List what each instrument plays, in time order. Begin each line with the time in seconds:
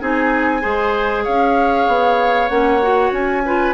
0.00 bassoon C4, clarinet D#4, oboe G#4, flute G#5
0.61 bassoon G#3, clarinet G#4, oboe C5
1.24 bassoon C#4, oboe C#5, flute F5
1.87 bassoon B3
2.48 bassoon A#3, clarinet C#4, flute F#5
2.81 clarinet F#4
3.11 bassoon C#4, flute G#5
3.45 clarinet F4, oboe B4